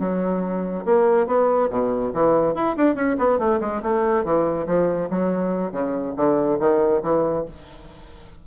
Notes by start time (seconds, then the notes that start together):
0.00 F#3
0.85 A#3
1.27 B3
1.70 B2
2.14 E3
2.55 E4
2.77 D4
2.96 C#4
3.19 B3
3.39 A3
3.61 G#3
3.83 A3
4.25 E3
4.67 F3
5.10 F#3
5.72 C#3
6.17 D3
6.60 D#3
7.03 E3